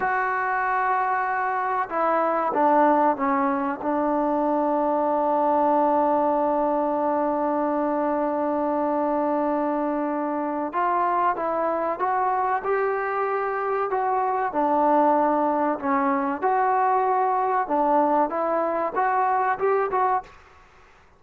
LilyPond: \new Staff \with { instrumentName = "trombone" } { \time 4/4 \tempo 4 = 95 fis'2. e'4 | d'4 cis'4 d'2~ | d'1~ | d'1~ |
d'4 f'4 e'4 fis'4 | g'2 fis'4 d'4~ | d'4 cis'4 fis'2 | d'4 e'4 fis'4 g'8 fis'8 | }